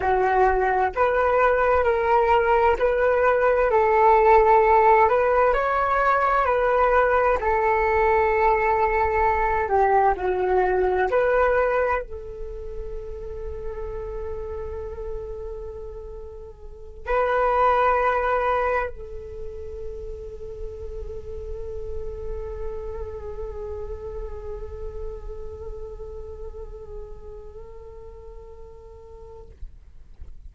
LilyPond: \new Staff \with { instrumentName = "flute" } { \time 4/4 \tempo 4 = 65 fis'4 b'4 ais'4 b'4 | a'4. b'8 cis''4 b'4 | a'2~ a'8 g'8 fis'4 | b'4 a'2.~ |
a'2~ a'8 b'4.~ | b'8 a'2.~ a'8~ | a'1~ | a'1 | }